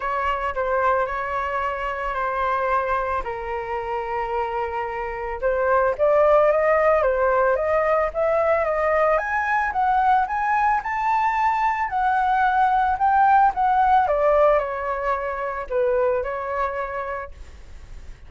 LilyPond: \new Staff \with { instrumentName = "flute" } { \time 4/4 \tempo 4 = 111 cis''4 c''4 cis''2 | c''2 ais'2~ | ais'2 c''4 d''4 | dis''4 c''4 dis''4 e''4 |
dis''4 gis''4 fis''4 gis''4 | a''2 fis''2 | g''4 fis''4 d''4 cis''4~ | cis''4 b'4 cis''2 | }